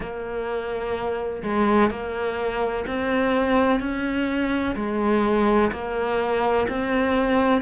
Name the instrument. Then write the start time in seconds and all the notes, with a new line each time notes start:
cello
0.00 A#3
1.43 G#3
1.90 A#3
2.87 C4
3.80 C#4
4.75 G#3
5.71 A#3
6.68 C4